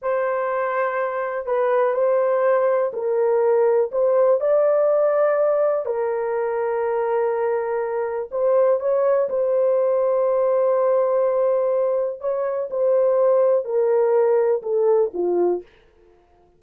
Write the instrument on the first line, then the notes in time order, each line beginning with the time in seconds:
horn
0.01 C5
1.46 B4
1.94 C5
2.93 A#4
3.91 C5
4.40 D5
5.85 A#4
8.31 C5
8.80 C#5
9.29 C5
12.20 C#5
12.70 C5
13.64 A#4
14.62 A4
15.13 F4